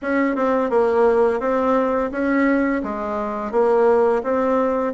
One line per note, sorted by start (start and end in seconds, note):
0.02 0.35 C#4
0.35 0.70 C4
0.70 1.40 A#3
1.40 2.10 C4
2.11 2.82 C#4
2.83 3.51 G#3
3.51 4.22 A#3
4.23 4.93 C4